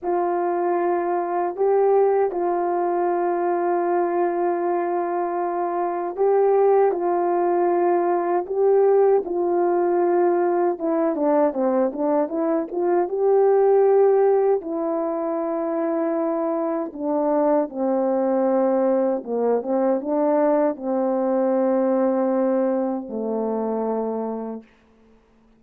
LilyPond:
\new Staff \with { instrumentName = "horn" } { \time 4/4 \tempo 4 = 78 f'2 g'4 f'4~ | f'1 | g'4 f'2 g'4 | f'2 e'8 d'8 c'8 d'8 |
e'8 f'8 g'2 e'4~ | e'2 d'4 c'4~ | c'4 ais8 c'8 d'4 c'4~ | c'2 a2 | }